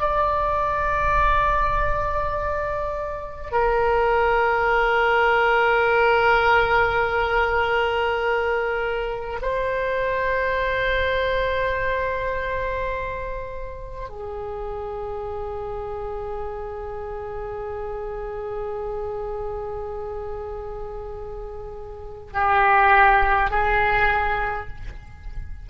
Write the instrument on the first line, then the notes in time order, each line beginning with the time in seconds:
oboe
0.00 D5
3.51 A#4
9.41 C5
14.09 G#4
22.33 G4
23.50 G#4